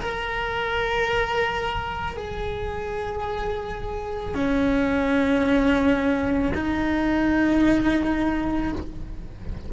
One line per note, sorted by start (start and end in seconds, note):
0.00 2.17 A#4
2.17 4.34 G#4
4.34 6.53 C#4
6.54 8.72 D#4